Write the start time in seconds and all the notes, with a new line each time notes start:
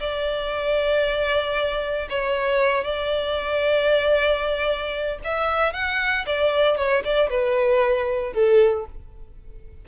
0.00 D5
2.10 C#5
2.85 D5
5.24 E5
5.73 F#5
6.26 D5
6.77 C#5
7.05 D5
7.30 B4
8.34 A4